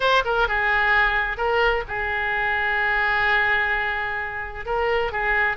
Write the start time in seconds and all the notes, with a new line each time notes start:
0.00 C5
0.24 A#4
0.48 G#4
1.37 A#4
1.87 G#4
4.65 A#4
5.12 G#4